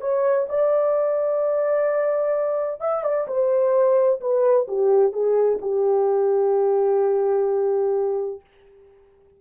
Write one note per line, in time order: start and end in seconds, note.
0.00 0.47 C#5
0.49 2.80 D5
2.80 3.03 E5
3.03 3.27 D5
3.27 4.20 C5
4.20 4.67 B4
4.67 5.12 G4
5.12 5.59 G#4
5.61 8.40 G4